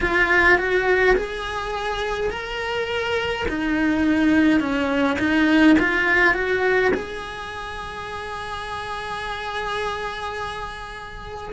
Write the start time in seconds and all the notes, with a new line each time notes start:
0.01 F4
0.58 F#4
1.15 G#4
2.30 A#4
3.48 D#4
4.59 C#4
5.19 D#4
5.78 F4
6.34 F#4
6.93 G#4